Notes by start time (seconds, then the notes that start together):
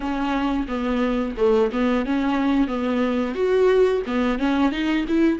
0.00 C#4
0.67 B3
1.37 A3
1.72 B3
2.05 C#4
2.67 B3
3.34 F#4
4.06 B3
4.38 C#4
4.71 D#4
5.07 E4